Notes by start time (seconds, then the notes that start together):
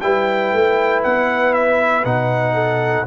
0.00 G3 E4 B4 G5
0.53 A3
1.03 B3 F#5
1.53 E5
2.04 B2 D#4 F#5
2.54 A4